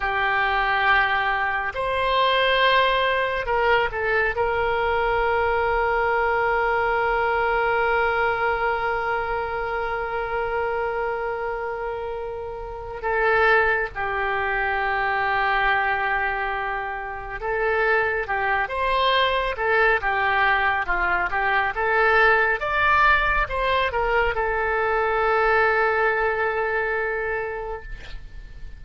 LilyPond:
\new Staff \with { instrumentName = "oboe" } { \time 4/4 \tempo 4 = 69 g'2 c''2 | ais'8 a'8 ais'2.~ | ais'1~ | ais'2. a'4 |
g'1 | a'4 g'8 c''4 a'8 g'4 | f'8 g'8 a'4 d''4 c''8 ais'8 | a'1 | }